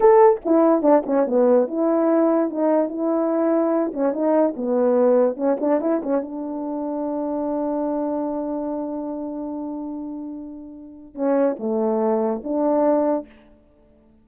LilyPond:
\new Staff \with { instrumentName = "horn" } { \time 4/4 \tempo 4 = 145 a'4 e'4 d'8 cis'8 b4 | e'2 dis'4 e'4~ | e'4. cis'8 dis'4 b4~ | b4 cis'8 d'8 e'8 cis'8 d'4~ |
d'1~ | d'1~ | d'2. cis'4 | a2 d'2 | }